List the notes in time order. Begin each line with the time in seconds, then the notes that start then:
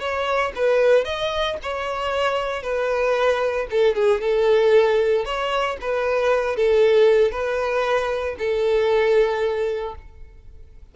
0.00 C#5
0.56 B4
1.05 D#5
1.63 C#5
2.63 B4
3.71 A4
3.95 G#4
4.21 A4
5.25 C#5
5.81 B4
6.56 A4
7.32 B4
8.39 A4